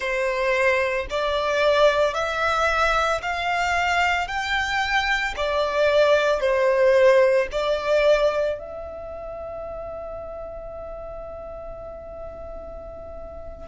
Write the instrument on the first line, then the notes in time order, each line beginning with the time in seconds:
violin
0.00 C5
1.10 D5
2.14 E5
3.21 F5
4.27 G5
5.36 D5
6.40 C5
7.51 D5
8.58 E5